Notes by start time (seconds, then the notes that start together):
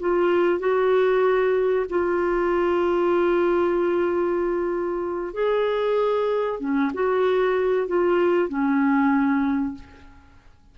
0.00 F4
0.60 F#4
1.90 F4
5.34 G#4
6.60 C#4
6.94 F#4
7.88 F4
8.49 C#4